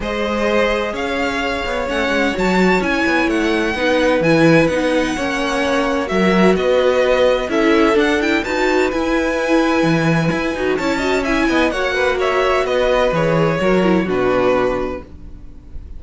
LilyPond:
<<
  \new Staff \with { instrumentName = "violin" } { \time 4/4 \tempo 4 = 128 dis''2 f''2 | fis''4 a''4 gis''4 fis''4~ | fis''4 gis''4 fis''2~ | fis''4 e''4 dis''2 |
e''4 fis''8 g''8 a''4 gis''4~ | gis''2. a''4 | gis''4 fis''4 e''4 dis''4 | cis''2 b'2 | }
  \new Staff \with { instrumentName = "violin" } { \time 4/4 c''2 cis''2~ | cis''1 | b'2. cis''4~ | cis''4 ais'4 b'2 |
a'2 b'2~ | b'2. cis''8 dis''8 | e''8 dis''8 cis''8 b'8 cis''4 b'4~ | b'4 ais'4 fis'2 | }
  \new Staff \with { instrumentName = "viola" } { \time 4/4 gis'1 | cis'4 fis'4 e'2 | dis'4 e'4 dis'4 cis'4~ | cis'4 fis'2. |
e'4 d'8 e'8 fis'4 e'4~ | e'2~ e'8 fis'8 e'8 fis'8 | e'4 fis'2. | gis'4 fis'8 e'8 d'2 | }
  \new Staff \with { instrumentName = "cello" } { \time 4/4 gis2 cis'4. b8 | a8 gis8 fis4 cis'8 b8 a4 | b4 e4 b4 ais4~ | ais4 fis4 b2 |
cis'4 d'4 dis'4 e'4~ | e'4 e4 e'8 dis'8 cis'4~ | cis'8 b8 ais2 b4 | e4 fis4 b,2 | }
>>